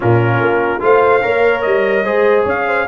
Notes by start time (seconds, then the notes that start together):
0.00 A#2 C#4 F4 A#4
0.40 A#3
0.79 A3 F4 C5 F5
1.22 A#3 A#4 C#5
1.61 G3 D#5
2.03 G#3 G#4 C5
2.44 C#4 C#5 F5
2.67 C5